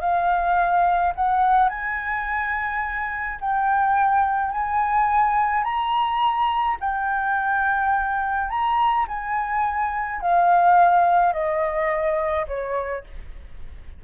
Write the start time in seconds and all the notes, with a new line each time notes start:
0.00 F5
1.15 F#5
1.69 G#5
3.40 G5
4.51 G#5
5.63 A#5
6.80 G5
8.49 A#5
9.08 G#5
10.21 F5
11.33 D#5
12.47 C#5